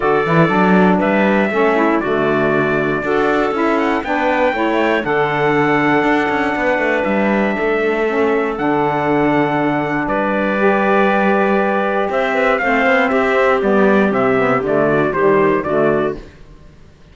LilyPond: <<
  \new Staff \with { instrumentName = "trumpet" } { \time 4/4 \tempo 4 = 119 d''2 e''2 | d''2. e''8 fis''8 | g''2 fis''2~ | fis''2 e''2~ |
e''4 fis''2. | d''1 | e''4 f''4 e''4 d''4 | e''4 d''4 c''4 d''4 | }
  \new Staff \with { instrumentName = "clarinet" } { \time 4/4 a'2 b'4 a'8 e'8 | fis'2 a'2 | b'4 cis''4 a'2~ | a'4 b'2 a'4~ |
a'1 | b'1 | c''8 b'8 c''4 g'2~ | g'4. fis'8 g'4 fis'4 | }
  \new Staff \with { instrumentName = "saxophone" } { \time 4/4 fis'8 e'8 d'2 cis'4 | a2 fis'4 e'4 | d'4 e'4 d'2~ | d'1 |
cis'4 d'2.~ | d'4 g'2.~ | g'4 c'2 b4 | c'8 b8 a4 g4 a4 | }
  \new Staff \with { instrumentName = "cello" } { \time 4/4 d8 e8 fis4 g4 a4 | d2 d'4 cis'4 | b4 a4 d2 | d'8 cis'8 b8 a8 g4 a4~ |
a4 d2. | g1 | c'4 a8 b8 c'4 g4 | c4 d4 dis4 d4 | }
>>